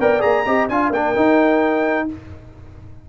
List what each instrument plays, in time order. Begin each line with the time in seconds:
0.00 tuba B3, trombone A#4, horn D5, trumpet G5
0.20 tuba A#3, trombone G#4, trumpet A#5
0.46 tuba C4, trombone G4, horn D#5
0.69 tuba D4, trombone F4, horn F5, trumpet G#5
0.91 tuba A#3, trombone D4, horn A#4, trumpet G5
1.16 trombone D#4, tuba D#4